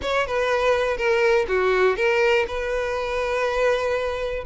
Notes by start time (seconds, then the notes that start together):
0.02 C#5
0.26 B4
0.97 A#4
1.48 F#4
1.96 A#4
2.47 B4